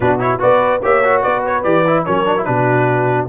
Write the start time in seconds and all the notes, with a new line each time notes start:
0.00 B2 D4 F#4 B4
0.19 E4 C#5
0.39 B3 F#4 B4 D5
0.82 A#3 G4 C#5 E5
1.03 F#4
1.22 B3 B4 D5
1.46 C#5
1.63 E3 G4 D5
1.86 E4
2.04 F#3 C#4 A#4 C#5
2.25 D4
2.36 E4
2.44 B2 D4 F#4 B4